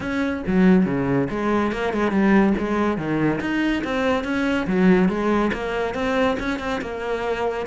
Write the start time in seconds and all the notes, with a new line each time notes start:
0.00 C#4
0.46 F#3
0.85 C#3
1.30 G#3
1.72 A#3
1.93 G#3
2.11 G3
2.57 G#3
2.97 D#3
3.40 D#4
3.84 C4
4.24 C#4
4.66 F#3
5.08 G#3
5.53 A#3
5.94 C4
6.39 C#4
6.59 C4
6.81 A#3